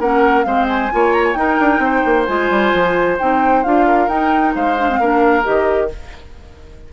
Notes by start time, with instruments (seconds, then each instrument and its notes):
0.00 bassoon A#3, clarinet C#4, oboe A#4, flute F#5
0.44 bassoon G#3, clarinet C4, oboe C5, flute F5
0.69 flute G#5
0.92 bassoon A#3, clarinet F4, oboe C#5
1.14 flute A#5
1.25 flute G#5
1.34 bassoon D#4, clarinet D#4, oboe A#4, flute G5
1.61 bassoon D4
1.79 bassoon C4, oboe C5
2.06 bassoon A#3
2.26 bassoon G#3, clarinet F4, flute G#5
2.51 bassoon G3
2.74 bassoon F3
3.19 bassoon C4, clarinet D#4, flute G5
3.64 bassoon D4, clarinet F4, flute F5
3.87 oboe A#4
4.08 bassoon D#4, clarinet D#4, flute G5
4.55 bassoon G#3, oboe C5, flute F5
4.79 clarinet D4
4.90 clarinet C4
5.00 bassoon A#3, clarinet D4, oboe A#4
5.43 bassoon D#3, clarinet G4, flute D#5